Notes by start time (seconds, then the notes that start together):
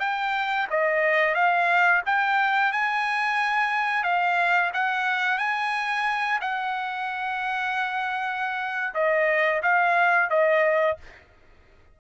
0.00 G5
0.70 D#5
1.35 F5
2.06 G5
2.73 G#5
4.04 F5
4.74 F#5
5.39 G#5
6.41 F#5
8.95 D#5
9.63 F5
10.30 D#5